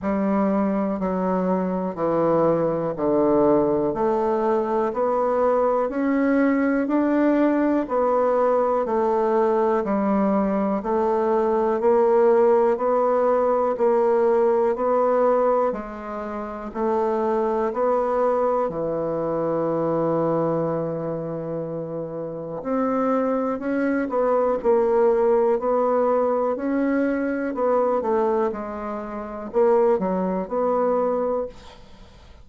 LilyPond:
\new Staff \with { instrumentName = "bassoon" } { \time 4/4 \tempo 4 = 61 g4 fis4 e4 d4 | a4 b4 cis'4 d'4 | b4 a4 g4 a4 | ais4 b4 ais4 b4 |
gis4 a4 b4 e4~ | e2. c'4 | cis'8 b8 ais4 b4 cis'4 | b8 a8 gis4 ais8 fis8 b4 | }